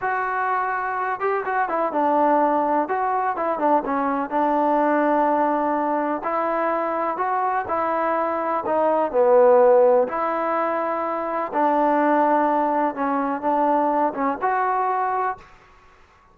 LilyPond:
\new Staff \with { instrumentName = "trombone" } { \time 4/4 \tempo 4 = 125 fis'2~ fis'8 g'8 fis'8 e'8 | d'2 fis'4 e'8 d'8 | cis'4 d'2.~ | d'4 e'2 fis'4 |
e'2 dis'4 b4~ | b4 e'2. | d'2. cis'4 | d'4. cis'8 fis'2 | }